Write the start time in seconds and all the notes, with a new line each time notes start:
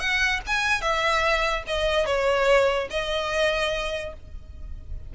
0.00 F#5
0.47 G#5
0.82 E5
1.68 D#5
2.06 C#5
2.90 D#5